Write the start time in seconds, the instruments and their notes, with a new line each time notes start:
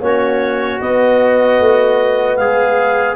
0.00 tuba A#3, trombone C#4, trumpet F#4, clarinet C#5
0.80 trombone B3, tuba B3, clarinet D#5
1.59 tuba A3
2.36 tuba G#3, trumpet G#4, clarinet F5